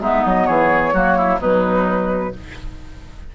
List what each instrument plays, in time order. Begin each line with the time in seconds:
0.00 bassoon G#3, clarinet B3, oboe D#4, flute E5
0.26 bassoon F#3, flute D#5
0.46 bassoon E3, oboe G#4, flute C#5
0.94 bassoon F#3, clarinet A#3, oboe F#4
1.17 oboe E4
1.39 bassoon B2, clarinet F#3, oboe D#4, flute B4